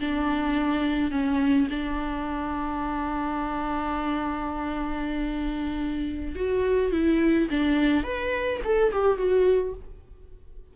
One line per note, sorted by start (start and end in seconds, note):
0.00 1.11 D4
1.11 1.68 C#4
1.70 6.36 D4
6.36 6.92 F#4
6.92 7.49 E4
7.51 8.04 D4
8.04 8.60 B4
8.65 8.93 A4
8.93 9.18 G4
9.18 9.74 F#4